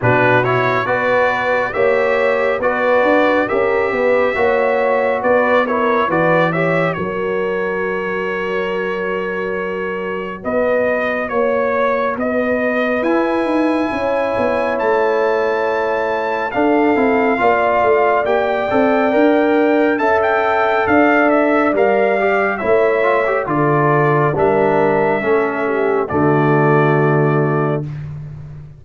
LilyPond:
<<
  \new Staff \with { instrumentName = "trumpet" } { \time 4/4 \tempo 4 = 69 b'8 cis''8 d''4 e''4 d''4 | e''2 d''8 cis''8 d''8 e''8 | cis''1 | dis''4 cis''4 dis''4 gis''4~ |
gis''4 a''2 f''4~ | f''4 g''2 a''16 g''8. | f''8 e''8 f''4 e''4 d''4 | e''2 d''2 | }
  \new Staff \with { instrumentName = "horn" } { \time 4/4 fis'4 b'4 cis''4 b'4 | ais'8 b'8 cis''4 b'8 ais'8 b'8 cis''8 | ais'1 | b'4 cis''4 b'2 |
cis''2. a'4 | d''2. e''4 | d''2 cis''4 a'4 | ais'4 a'8 g'8 fis'2 | }
  \new Staff \with { instrumentName = "trombone" } { \time 4/4 d'8 e'8 fis'4 g'4 fis'4 | g'4 fis'4. e'8 fis'8 g'8 | fis'1~ | fis'2. e'4~ |
e'2. d'8 e'8 | f'4 g'8 a'8 ais'4 a'4~ | a'4 ais'8 g'8 e'8 f'16 g'16 f'4 | d'4 cis'4 a2 | }
  \new Staff \with { instrumentName = "tuba" } { \time 4/4 b,4 b4 ais4 b8 d'8 | cis'8 b8 ais4 b4 e4 | fis1 | b4 ais4 b4 e'8 dis'8 |
cis'8 b8 a2 d'8 c'8 | ais8 a8 ais8 c'8 d'4 cis'4 | d'4 g4 a4 d4 | g4 a4 d2 | }
>>